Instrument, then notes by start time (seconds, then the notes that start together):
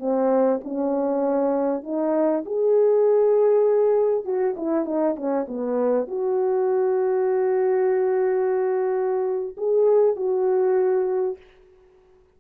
horn
0.00 C4
0.64 C#4
1.83 D#4
2.46 G#4
4.25 F#4
4.57 E4
4.85 D#4
5.16 C#4
5.48 B3
6.08 F#4
9.58 G#4
10.16 F#4